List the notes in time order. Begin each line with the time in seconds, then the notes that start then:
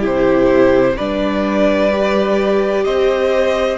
0.00 C3 E4 G4 C5
0.96 G3 D4 B4 D5
1.91 G4
2.84 C4 C5 D#5